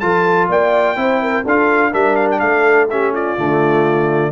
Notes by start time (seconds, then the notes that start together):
0.00 F3 F4 A4 A5
0.49 A#3 D5 G5
0.96 C4 E4 C5
1.23 A#4
1.44 D4 F4 A4 F5
1.92 G3 D4 A#4 E5
2.16 F5
2.31 G5
2.40 A3 A4 F5
2.90 C#4 G4 E5
3.13 F4 D5
3.38 D3 A3